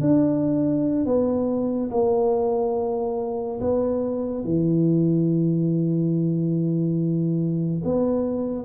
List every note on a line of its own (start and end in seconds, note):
0.00 1.05 D4
1.05 1.90 B3
1.90 3.59 A#3
3.60 4.44 B3
4.44 7.82 E3
7.84 8.64 B3